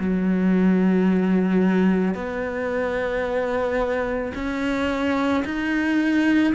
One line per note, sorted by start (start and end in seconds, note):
0.00 2.15 F#3
2.15 4.33 B3
4.35 5.44 C#4
5.45 6.54 D#4